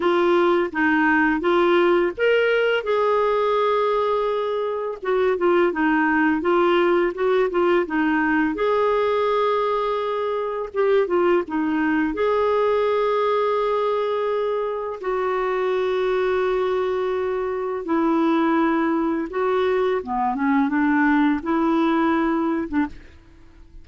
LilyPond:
\new Staff \with { instrumentName = "clarinet" } { \time 4/4 \tempo 4 = 84 f'4 dis'4 f'4 ais'4 | gis'2. fis'8 f'8 | dis'4 f'4 fis'8 f'8 dis'4 | gis'2. g'8 f'8 |
dis'4 gis'2.~ | gis'4 fis'2.~ | fis'4 e'2 fis'4 | b8 cis'8 d'4 e'4.~ e'16 d'16 | }